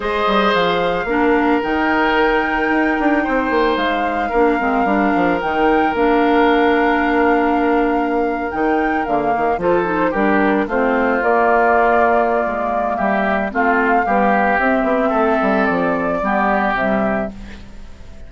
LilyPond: <<
  \new Staff \with { instrumentName = "flute" } { \time 4/4 \tempo 4 = 111 dis''4 f''2 g''4~ | g''2. f''4~ | f''2 g''4 f''4~ | f''2.~ f''8. g''16~ |
g''8. f''4 c''4 ais'4 c''16~ | c''8. d''2.~ d''16 | e''4 f''2 e''4~ | e''4 d''2 e''4 | }
  \new Staff \with { instrumentName = "oboe" } { \time 4/4 c''2 ais'2~ | ais'2 c''2 | ais'1~ | ais'1~ |
ais'4.~ ais'16 a'4 g'4 f'16~ | f'1 | g'4 f'4 g'2 | a'2 g'2 | }
  \new Staff \with { instrumentName = "clarinet" } { \time 4/4 gis'2 d'4 dis'4~ | dis'1 | d'8 c'8 d'4 dis'4 d'4~ | d'2.~ d'8. dis'16~ |
dis'8. ais4 f'8 dis'8 d'4 c'16~ | c'8. ais2.~ ais16~ | ais4 c'4 g4 c'4~ | c'2 b4 g4 | }
  \new Staff \with { instrumentName = "bassoon" } { \time 4/4 gis8 g8 f4 ais4 dis4~ | dis4 dis'8 d'8 c'8 ais8 gis4 | ais8 gis8 g8 f8 dis4 ais4~ | ais2.~ ais8. dis16~ |
dis8. d8 dis8 f4 g4 a16~ | a8. ais2~ ais16 gis4 | g4 a4 b4 c'8 b8 | a8 g8 f4 g4 c4 | }
>>